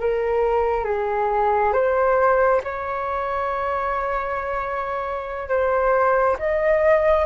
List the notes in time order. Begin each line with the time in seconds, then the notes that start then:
0.00 A#4
0.84 G#4
1.72 C5
2.63 C#5
5.48 C5
6.39 D#5